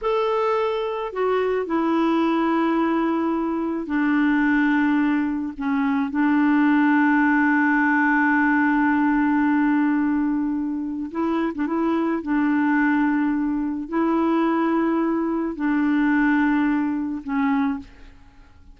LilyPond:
\new Staff \with { instrumentName = "clarinet" } { \time 4/4 \tempo 4 = 108 a'2 fis'4 e'4~ | e'2. d'4~ | d'2 cis'4 d'4~ | d'1~ |
d'1 | e'8. d'16 e'4 d'2~ | d'4 e'2. | d'2. cis'4 | }